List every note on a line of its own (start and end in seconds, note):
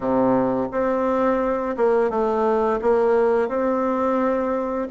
0.00 0.68 C3
0.71 1.76 C4
1.76 2.10 A#3
2.10 2.79 A3
2.81 3.48 A#3
3.48 4.87 C4